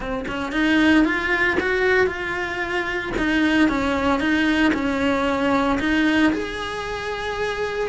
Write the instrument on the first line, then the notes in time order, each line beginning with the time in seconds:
cello
0.00 C4
0.28 C#4
0.52 D#4
1.04 F4
1.60 F#4
2.06 F4
3.17 D#4
3.68 C#4
4.20 D#4
4.73 C#4
5.79 D#4
6.33 G#4